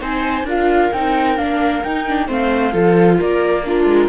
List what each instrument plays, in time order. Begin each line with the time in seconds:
0.00 cello C4, viola D#4 C5, flute G#5
0.44 cello D4, viola F4 A#4, flute F5
0.93 cello C4, viola D#4, flute G5
1.37 cello A#3, viola D4, flute F5
1.83 cello D#4, viola D#4, flute G5
2.08 viola D4
2.27 cello A3, viola C4 C5, flute F5
2.72 cello F3, viola F4 A4
3.19 cello A#3, viola A#4, flute D5
3.65 viola D4 F4, flute A#4
3.85 cello G#3